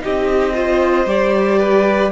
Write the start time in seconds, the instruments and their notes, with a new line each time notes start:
0.00 cello C4, viola D#4, violin G4 D#5
0.53 viola F4, violin C5
1.05 cello G3, viola G4, violin D5
1.59 violin B4